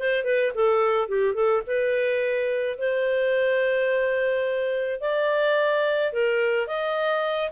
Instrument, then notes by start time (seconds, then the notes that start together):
clarinet
0.00 C5
0.25 B4
0.55 A4
1.09 G4
1.35 A4
1.67 B4
2.79 C5
5.01 D5
6.13 A#4
6.68 D#5